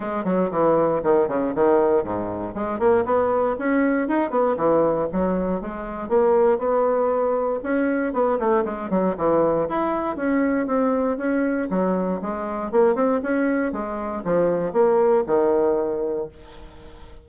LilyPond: \new Staff \with { instrumentName = "bassoon" } { \time 4/4 \tempo 4 = 118 gis8 fis8 e4 dis8 cis8 dis4 | gis,4 gis8 ais8 b4 cis'4 | dis'8 b8 e4 fis4 gis4 | ais4 b2 cis'4 |
b8 a8 gis8 fis8 e4 e'4 | cis'4 c'4 cis'4 fis4 | gis4 ais8 c'8 cis'4 gis4 | f4 ais4 dis2 | }